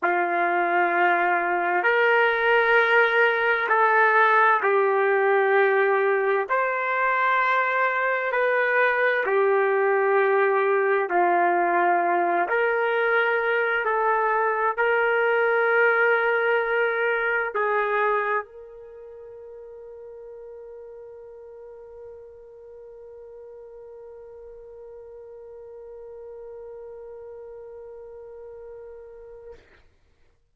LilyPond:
\new Staff \with { instrumentName = "trumpet" } { \time 4/4 \tempo 4 = 65 f'2 ais'2 | a'4 g'2 c''4~ | c''4 b'4 g'2 | f'4. ais'4. a'4 |
ais'2. gis'4 | ais'1~ | ais'1~ | ais'1 | }